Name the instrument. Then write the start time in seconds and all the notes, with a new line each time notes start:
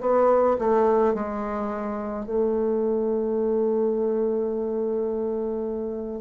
bassoon
0.00 B3
0.58 A3
1.14 G#3
2.25 A3